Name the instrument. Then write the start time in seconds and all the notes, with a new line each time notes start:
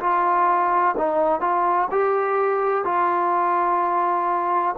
trombone
0.00 F4
0.97 D#4
1.41 F4
1.91 G4
2.85 F4